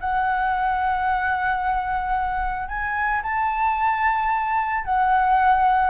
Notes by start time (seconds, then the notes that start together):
0.00 F#5
2.68 G#5
3.22 A5
4.85 F#5